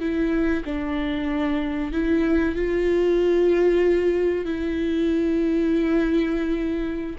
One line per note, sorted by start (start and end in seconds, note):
0.00 0.64 E4
0.65 1.92 D4
1.92 2.56 E4
2.56 4.45 F4
4.45 7.17 E4